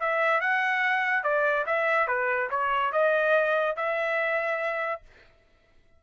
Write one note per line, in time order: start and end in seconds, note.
0.00 0.41 E5
0.41 1.24 F#5
1.24 1.66 D5
1.66 2.08 E5
2.08 2.49 B4
2.51 2.92 C#5
2.92 3.76 D#5
3.76 5.02 E5